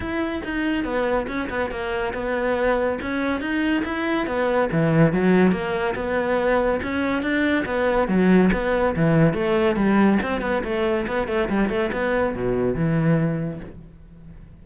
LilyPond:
\new Staff \with { instrumentName = "cello" } { \time 4/4 \tempo 4 = 141 e'4 dis'4 b4 cis'8 b8 | ais4 b2 cis'4 | dis'4 e'4 b4 e4 | fis4 ais4 b2 |
cis'4 d'4 b4 fis4 | b4 e4 a4 g4 | c'8 b8 a4 b8 a8 g8 a8 | b4 b,4 e2 | }